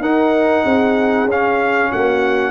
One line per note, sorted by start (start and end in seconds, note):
0.00 0.63 D#4
0.00 1.28 D#4
0.00 0.63 A#4
0.00 1.29 F#5
0.63 1.25 C4
0.63 1.90 G#4
1.25 1.88 C#4
1.25 2.51 C#4
1.25 1.92 F5
1.91 2.51 A#3
1.91 2.51 F#4
1.91 2.51 F#5